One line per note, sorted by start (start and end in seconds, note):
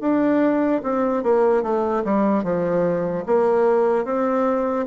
0.00 0.81 D4
0.83 1.23 C4
1.23 1.63 A#3
1.63 2.03 A3
2.04 2.44 G3
2.44 3.25 F3
3.26 4.05 A#3
4.05 4.86 C4